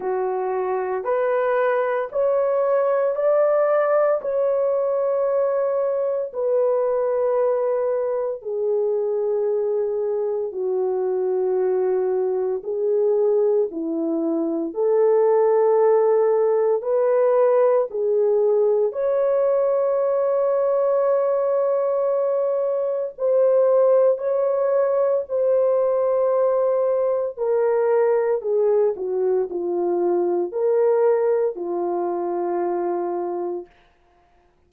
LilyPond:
\new Staff \with { instrumentName = "horn" } { \time 4/4 \tempo 4 = 57 fis'4 b'4 cis''4 d''4 | cis''2 b'2 | gis'2 fis'2 | gis'4 e'4 a'2 |
b'4 gis'4 cis''2~ | cis''2 c''4 cis''4 | c''2 ais'4 gis'8 fis'8 | f'4 ais'4 f'2 | }